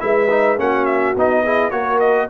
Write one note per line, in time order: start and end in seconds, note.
0.00 0.58 G#3
0.00 0.29 E4
0.00 0.59 B4
0.00 0.58 E5
0.30 0.58 D#4
0.58 1.16 A#3
0.58 1.15 C#4
0.58 1.43 F#4
0.58 0.86 F#5
0.86 1.15 E5
1.16 1.72 B3
1.16 1.46 D#4
1.16 1.71 D#5
1.43 1.72 E4
1.43 1.72 G#4
1.71 2.30 A#3
1.71 2.29 F#4
1.71 2.30 A#4
1.71 2.00 C#5
2.00 2.28 D#5